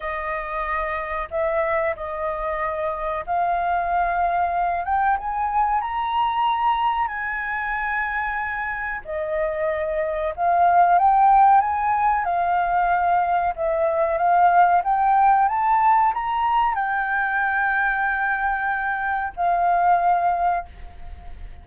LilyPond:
\new Staff \with { instrumentName = "flute" } { \time 4/4 \tempo 4 = 93 dis''2 e''4 dis''4~ | dis''4 f''2~ f''8 g''8 | gis''4 ais''2 gis''4~ | gis''2 dis''2 |
f''4 g''4 gis''4 f''4~ | f''4 e''4 f''4 g''4 | a''4 ais''4 g''2~ | g''2 f''2 | }